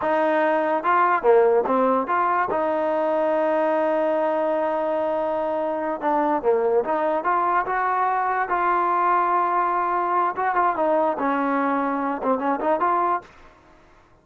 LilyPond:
\new Staff \with { instrumentName = "trombone" } { \time 4/4 \tempo 4 = 145 dis'2 f'4 ais4 | c'4 f'4 dis'2~ | dis'1~ | dis'2~ dis'8 d'4 ais8~ |
ais8 dis'4 f'4 fis'4.~ | fis'8 f'2.~ f'8~ | f'4 fis'8 f'8 dis'4 cis'4~ | cis'4. c'8 cis'8 dis'8 f'4 | }